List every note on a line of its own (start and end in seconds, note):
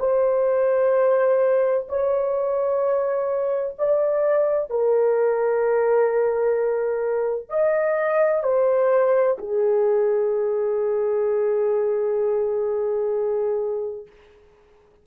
0.00 1.87 C5
1.89 3.76 C#5
3.79 4.70 D5
4.70 7.50 A#4
7.50 8.43 D#5
8.44 9.37 C5
9.38 14.07 G#4